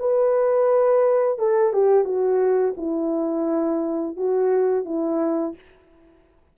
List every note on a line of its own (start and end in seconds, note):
0.00 1.39 B4
1.39 1.73 A4
1.73 2.05 G4
2.05 2.75 F#4
2.77 4.17 E4
4.17 4.86 F#4
4.86 5.55 E4